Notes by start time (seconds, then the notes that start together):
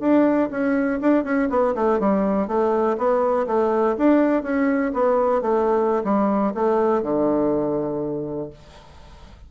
0.00 D4
0.51 C#4
1.01 D4
1.24 C#4
1.50 B3
1.75 A3
2.00 G3
2.48 A3
2.97 B3
3.47 A3
3.97 D4
4.43 C#4
4.94 B3
5.42 A3
6.04 G3
6.54 A3
7.03 D3